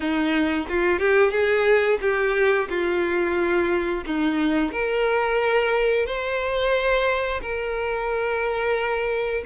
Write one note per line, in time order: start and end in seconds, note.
0.00 0.67 D#4
0.69 0.99 F4
0.99 1.31 G4
1.31 1.98 G#4
2.01 2.68 G4
2.69 4.04 F4
4.06 4.72 D#4
4.72 6.06 A#4
6.06 7.41 C5
7.41 9.44 A#4